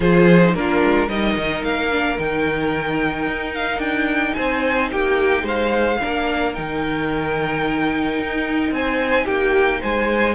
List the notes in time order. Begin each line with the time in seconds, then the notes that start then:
0.00 F3 F4 G#4 C5
0.42 D#4
0.54 A#3 D4 F4 A#4
0.83 G#3
1.08 G3 D#4 A#4 D#5
1.36 D#3
1.63 A#3 F5
1.91 D4
2.17 D#3 D#4 G5
3.27 D#4
3.54 F5
3.77 D4 G5
4.34 C4 C5 G#5
4.91 A#3 G4 G5
5.42 G#3 C5 F5
6.01 A#3 D4 A#4
6.54 D#3 D#4 G5
8.18 D#4
8.70 C4 C5 G#5
9.25 A#3 G4 G5
9.80 G#3 C5 G#5